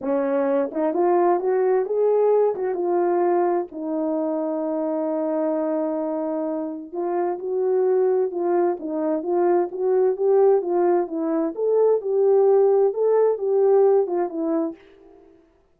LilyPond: \new Staff \with { instrumentName = "horn" } { \time 4/4 \tempo 4 = 130 cis'4. dis'8 f'4 fis'4 | gis'4. fis'8 f'2 | dis'1~ | dis'2. f'4 |
fis'2 f'4 dis'4 | f'4 fis'4 g'4 f'4 | e'4 a'4 g'2 | a'4 g'4. f'8 e'4 | }